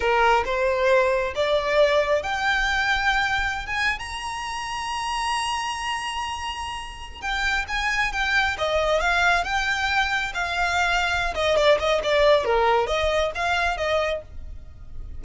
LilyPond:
\new Staff \with { instrumentName = "violin" } { \time 4/4 \tempo 4 = 135 ais'4 c''2 d''4~ | d''4 g''2.~ | g''16 gis''8. ais''2.~ | ais''1~ |
ais''16 g''4 gis''4 g''4 dis''8.~ | dis''16 f''4 g''2 f''8.~ | f''4. dis''8 d''8 dis''8 d''4 | ais'4 dis''4 f''4 dis''4 | }